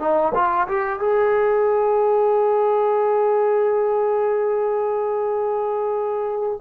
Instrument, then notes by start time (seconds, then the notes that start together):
trombone
0.00 D#4
0.35 F4
0.68 G4
1.00 G#4